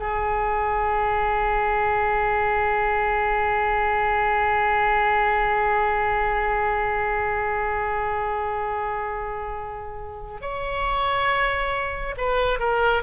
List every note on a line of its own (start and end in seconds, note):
0.00 10.42 G#4
10.42 12.15 C#5
12.17 12.60 B4
12.60 13.03 A#4